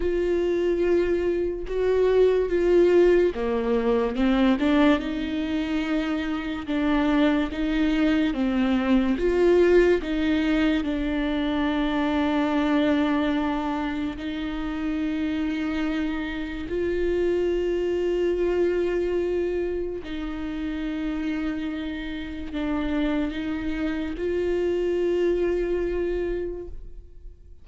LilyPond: \new Staff \with { instrumentName = "viola" } { \time 4/4 \tempo 4 = 72 f'2 fis'4 f'4 | ais4 c'8 d'8 dis'2 | d'4 dis'4 c'4 f'4 | dis'4 d'2.~ |
d'4 dis'2. | f'1 | dis'2. d'4 | dis'4 f'2. | }